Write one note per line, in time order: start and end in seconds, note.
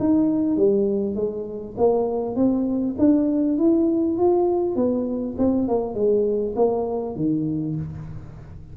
0.00 0.57 D#4
0.57 1.15 G3
1.15 1.75 G#3
1.78 2.36 A#3
2.36 2.96 C4
2.99 3.58 D4
3.58 4.18 E4
4.18 4.76 F4
4.76 5.36 B3
5.38 5.68 C4
5.68 5.95 A#3
5.95 6.55 G#3
6.56 7.16 A#3
7.16 7.76 D#3